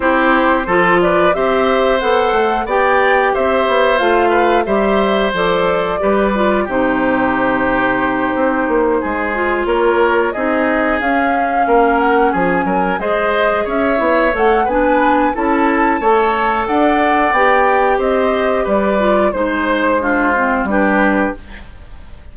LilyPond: <<
  \new Staff \with { instrumentName = "flute" } { \time 4/4 \tempo 4 = 90 c''4. d''8 e''4 fis''4 | g''4 e''4 f''4 e''4 | d''2 c''2~ | c''2~ c''8 cis''4 dis''8~ |
dis''8 f''4. fis''8 gis''4 dis''8~ | dis''8 e''4 fis''8 gis''4 a''4~ | a''4 fis''4 g''4 dis''4 | d''4 c''2 b'4 | }
  \new Staff \with { instrumentName = "oboe" } { \time 4/4 g'4 a'8 b'8 c''2 | d''4 c''4. b'8 c''4~ | c''4 b'4 g'2~ | g'4. gis'4 ais'4 gis'8~ |
gis'4. ais'4 gis'8 ais'8 c''8~ | c''8 cis''4. b'4 a'4 | cis''4 d''2 c''4 | b'4 c''4 f'4 g'4 | }
  \new Staff \with { instrumentName = "clarinet" } { \time 4/4 e'4 f'4 g'4 a'4 | g'2 f'4 g'4 | a'4 g'8 f'8 dis'2~ | dis'2 f'4. dis'8~ |
dis'8 cis'2. gis'8~ | gis'4 e'8 a'8 d'4 e'4 | a'2 g'2~ | g'8 f'8 dis'4 d'8 c'8 d'4 | }
  \new Staff \with { instrumentName = "bassoon" } { \time 4/4 c'4 f4 c'4 b8 a8 | b4 c'8 b8 a4 g4 | f4 g4 c2~ | c8 c'8 ais8 gis4 ais4 c'8~ |
c'8 cis'4 ais4 f8 fis8 gis8~ | gis8 cis'8 b8 a8 b4 cis'4 | a4 d'4 b4 c'4 | g4 gis2 g4 | }
>>